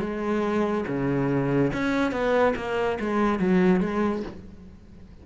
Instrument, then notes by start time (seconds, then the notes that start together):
cello
0.00 G#3
0.88 C#3
1.73 C#4
2.12 B3
2.56 A#3
3.00 G#3
3.39 F#3
3.81 G#3